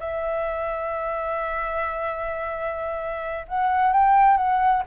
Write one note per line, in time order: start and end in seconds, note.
0.00 3.46 E5
3.48 3.93 F#5
3.93 4.37 G5
4.37 4.83 F#5